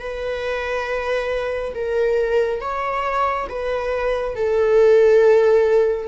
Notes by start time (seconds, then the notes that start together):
0.00 B4
1.75 A#4
2.60 C#5
3.49 B4
4.36 A4